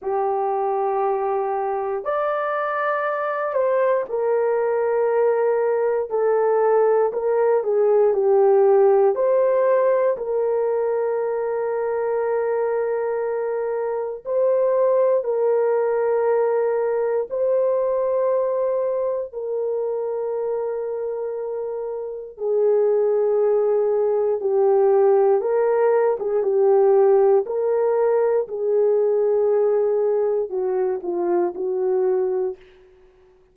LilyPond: \new Staff \with { instrumentName = "horn" } { \time 4/4 \tempo 4 = 59 g'2 d''4. c''8 | ais'2 a'4 ais'8 gis'8 | g'4 c''4 ais'2~ | ais'2 c''4 ais'4~ |
ais'4 c''2 ais'4~ | ais'2 gis'2 | g'4 ais'8. gis'16 g'4 ais'4 | gis'2 fis'8 f'8 fis'4 | }